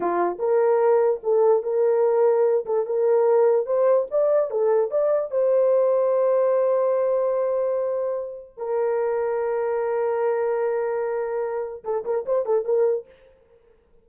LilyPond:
\new Staff \with { instrumentName = "horn" } { \time 4/4 \tempo 4 = 147 f'4 ais'2 a'4 | ais'2~ ais'8 a'8 ais'4~ | ais'4 c''4 d''4 a'4 | d''4 c''2.~ |
c''1~ | c''4 ais'2.~ | ais'1~ | ais'4 a'8 ais'8 c''8 a'8 ais'4 | }